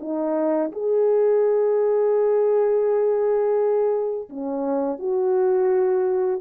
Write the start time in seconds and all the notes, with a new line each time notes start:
0.00 D#4
0.72 G#4
4.30 C#4
4.99 F#4